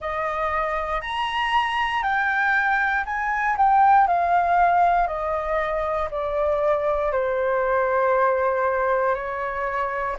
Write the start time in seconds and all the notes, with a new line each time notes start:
0.00 D#5
1.01 A#5
2.02 G5
3.05 G#5
3.57 G5
4.07 F5
5.07 D#5
6.10 D5
7.11 C5
9.14 C#5